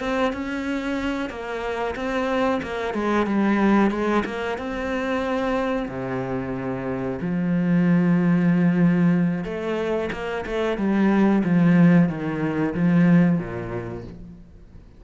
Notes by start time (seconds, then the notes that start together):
0.00 C4
0.33 C#4
1.30 A#3
1.95 C4
2.62 A#3
2.94 G#3
3.26 G3
3.91 G#3
4.25 A#3
4.58 C4
5.88 C3
7.21 F3
9.44 A3
10.12 A#3
10.46 A3
10.77 G3
11.44 F3
12.09 D#3
12.75 F3
13.39 A#2